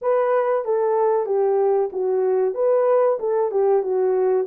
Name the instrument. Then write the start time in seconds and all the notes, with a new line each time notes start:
horn
0.01 B4
0.64 A4
1.26 G4
1.92 F#4
2.54 B4
3.19 A4
3.51 G4
3.83 F#4